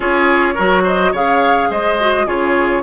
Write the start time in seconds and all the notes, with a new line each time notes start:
0.00 C#4 F4 G#4 C#5
0.54 F#3 F#4 A#4
0.83 C5 D#5
1.12 C#3 G#4 C#5 F5
1.70 G#3 C5 D#5
2.00 F#4
2.26 C#3 F4 G#4 C#5